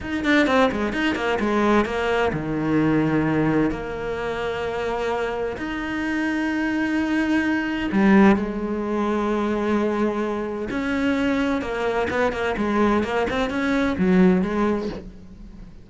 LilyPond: \new Staff \with { instrumentName = "cello" } { \time 4/4 \tempo 4 = 129 dis'8 d'8 c'8 gis8 dis'8 ais8 gis4 | ais4 dis2. | ais1 | dis'1~ |
dis'4 g4 gis2~ | gis2. cis'4~ | cis'4 ais4 b8 ais8 gis4 | ais8 c'8 cis'4 fis4 gis4 | }